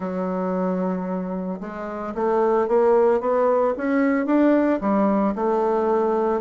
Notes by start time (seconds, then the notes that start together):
0.00 F#3
1.60 G#3
2.15 A3
2.68 A#3
3.20 B3
3.77 C#4
4.26 D4
4.80 G3
5.35 A3